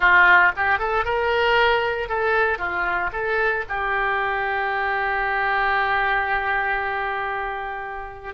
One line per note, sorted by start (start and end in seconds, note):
0.00 0.51 F4
0.56 0.78 G4
0.78 1.04 A4
1.04 2.08 A#4
2.08 2.58 A4
2.58 3.10 F4
3.12 3.64 A4
3.68 8.34 G4